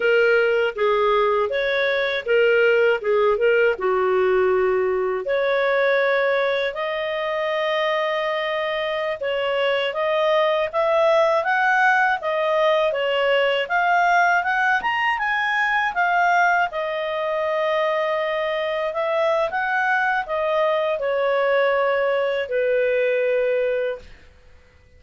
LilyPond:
\new Staff \with { instrumentName = "clarinet" } { \time 4/4 \tempo 4 = 80 ais'4 gis'4 cis''4 ais'4 | gis'8 ais'8 fis'2 cis''4~ | cis''4 dis''2.~ | dis''16 cis''4 dis''4 e''4 fis''8.~ |
fis''16 dis''4 cis''4 f''4 fis''8 ais''16~ | ais''16 gis''4 f''4 dis''4.~ dis''16~ | dis''4~ dis''16 e''8. fis''4 dis''4 | cis''2 b'2 | }